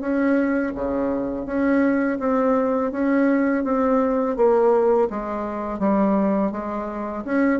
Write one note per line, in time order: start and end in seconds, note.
0.00 0.72 C#4
0.75 1.46 C#3
1.46 2.18 C#4
2.19 2.91 C4
2.91 3.64 C#4
3.64 4.36 C4
4.36 5.08 A#3
5.10 5.79 G#3
5.79 6.51 G3
6.51 7.24 G#3
7.25 7.60 C#4